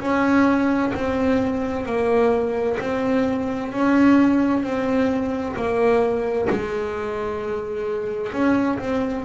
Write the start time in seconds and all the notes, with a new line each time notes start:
0.00 C#4
0.94 C4
1.86 A#3
2.80 C4
3.73 C#4
4.63 C4
5.56 A#3
6.50 G#3
8.32 C#4
8.79 C4